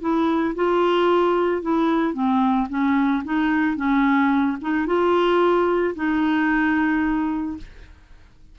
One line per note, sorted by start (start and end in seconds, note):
0.00 0.54 E4
0.55 1.61 F4
1.61 2.13 E4
2.13 2.67 C4
2.69 3.23 C#4
3.24 3.76 D#4
3.76 4.57 C#4
4.61 4.86 D#4
4.86 5.94 F4
5.95 7.57 D#4